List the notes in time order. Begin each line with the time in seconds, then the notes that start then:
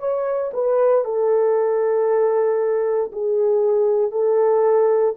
0.00 C#5
0.54 B4
1.05 A4
3.13 G#4
4.12 A4